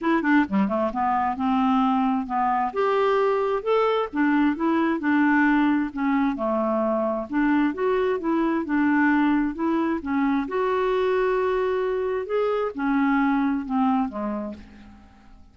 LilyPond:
\new Staff \with { instrumentName = "clarinet" } { \time 4/4 \tempo 4 = 132 e'8 d'8 g8 a8 b4 c'4~ | c'4 b4 g'2 | a'4 d'4 e'4 d'4~ | d'4 cis'4 a2 |
d'4 fis'4 e'4 d'4~ | d'4 e'4 cis'4 fis'4~ | fis'2. gis'4 | cis'2 c'4 gis4 | }